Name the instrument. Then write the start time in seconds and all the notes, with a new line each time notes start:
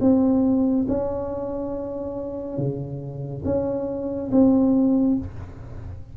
tuba
0.00 C4
0.88 C#4
2.58 C#3
3.44 C#4
4.32 C4